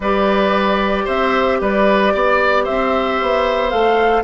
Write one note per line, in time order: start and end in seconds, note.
0.00 1.06 G3
0.00 3.70 G4
0.00 1.04 B4
0.00 1.07 D5
1.04 1.60 C4
1.04 1.57 C5
1.04 1.60 E5
1.60 2.13 G3
1.60 2.13 B4
1.60 2.65 D5
2.13 2.67 B3
2.13 2.63 D5
2.63 3.21 C4
2.63 4.23 C5
2.63 3.69 E5
3.21 3.73 B3
3.69 4.23 A3
3.69 4.23 A4
3.69 4.22 F5